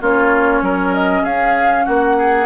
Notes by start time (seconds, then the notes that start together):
0.00 A#3 C#4 F4 C#5
0.62 F#3 A#4
0.94 D#5
1.23 C#4 G#4 F5
1.85 A#3 F#4 F#5
2.18 G#4